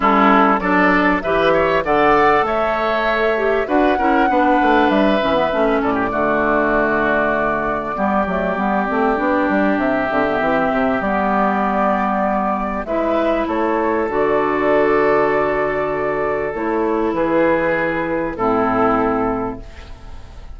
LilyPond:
<<
  \new Staff \with { instrumentName = "flute" } { \time 4/4 \tempo 4 = 98 a'4 d''4 e''4 fis''4 | e''2 fis''2 | e''4. d''2~ d''8~ | d''1 |
e''2 d''2~ | d''4 e''4 cis''4 d''4~ | d''2. cis''4 | b'2 a'2 | }
  \new Staff \with { instrumentName = "oboe" } { \time 4/4 e'4 a'4 b'8 cis''8 d''4 | cis''2 b'8 ais'8 b'4~ | b'4. a'16 g'16 fis'2~ | fis'4 g'2.~ |
g'1~ | g'4 b'4 a'2~ | a'1 | gis'2 e'2 | }
  \new Staff \with { instrumentName = "clarinet" } { \time 4/4 cis'4 d'4 g'4 a'4~ | a'4. g'8 fis'8 e'8 d'4~ | d'8 cis'16 b16 cis'4 a2~ | a4 b8 a8 b8 c'8 d'4~ |
d'8 c'16 b16 c'4 b2~ | b4 e'2 fis'4~ | fis'2. e'4~ | e'2 c'2 | }
  \new Staff \with { instrumentName = "bassoon" } { \time 4/4 g4 fis4 e4 d4 | a2 d'8 cis'8 b8 a8 | g8 e8 a8 a,8 d2~ | d4 g8 fis8 g8 a8 b8 g8 |
c8 d8 e8 c8 g2~ | g4 gis4 a4 d4~ | d2. a4 | e2 a,2 | }
>>